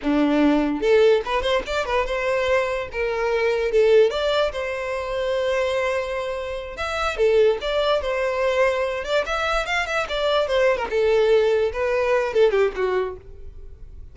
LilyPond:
\new Staff \with { instrumentName = "violin" } { \time 4/4 \tempo 4 = 146 d'2 a'4 b'8 c''8 | d''8 b'8 c''2 ais'4~ | ais'4 a'4 d''4 c''4~ | c''1~ |
c''8 e''4 a'4 d''4 c''8~ | c''2 d''8 e''4 f''8 | e''8 d''4 c''8. ais'16 a'4.~ | a'8 b'4. a'8 g'8 fis'4 | }